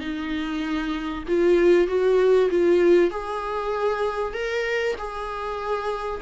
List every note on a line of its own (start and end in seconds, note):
0.00 1.24 D#4
1.28 1.88 F4
1.88 2.49 F#4
2.50 3.11 F4
3.11 4.34 G#4
4.34 4.95 A#4
4.98 6.21 G#4